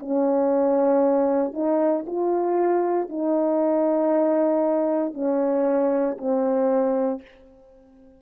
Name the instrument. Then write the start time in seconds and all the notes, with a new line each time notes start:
horn
0.00 C#4
1.54 D#4
2.07 F4
3.09 D#4
5.14 C#4
6.18 C4